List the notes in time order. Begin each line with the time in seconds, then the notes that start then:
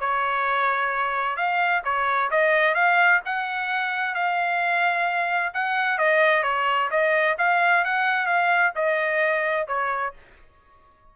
0.00 C#5
1.37 F5
1.84 C#5
2.31 D#5
2.75 F5
3.26 F#5
4.15 F5
5.54 F#5
5.98 D#5
6.43 C#5
6.90 D#5
7.38 F5
7.85 F#5
8.26 F5
8.75 D#5
9.67 C#5